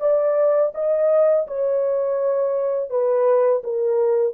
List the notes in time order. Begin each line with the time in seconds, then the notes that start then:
0.00 D5
0.74 D#5
1.47 C#5
2.90 B4
3.63 A#4